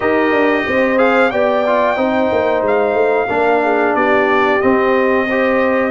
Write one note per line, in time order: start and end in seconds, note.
0.00 0.31 D#4
0.00 0.97 G4
0.00 0.64 A#4
0.00 0.98 D#5
0.31 0.64 D4
0.66 1.32 C4
0.66 1.31 C5
0.97 1.30 G#4
0.97 1.30 F5
1.30 1.97 B3
1.30 1.65 G4
1.30 1.96 D5
1.30 2.62 G5
1.66 1.96 F4
1.96 2.30 C4
1.96 3.28 D#4
1.96 3.28 C5
2.32 2.61 A#3
2.61 2.93 G#3
2.61 3.95 F5
2.93 3.26 A3
3.29 3.94 A#3
3.29 4.61 D4
3.29 3.63 A#4
3.63 3.96 G#4
3.94 4.60 B3
3.94 5.26 G4
3.94 4.61 D5
4.61 5.27 C4
4.61 5.91 C4
4.61 5.91 D#5
5.26 5.91 G4
5.26 5.91 C5